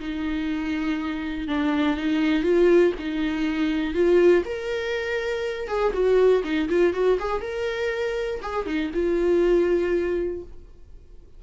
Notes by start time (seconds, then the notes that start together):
0.00 D#4
1.48 D4
1.97 D#4
2.43 F4
2.99 D#4
3.94 F4
4.45 A#4
5.68 G#4
5.93 F#4
6.44 D#4
6.69 F4
6.94 F#4
7.20 G#4
7.42 A#4
8.43 G#4
8.67 D#4
8.94 F4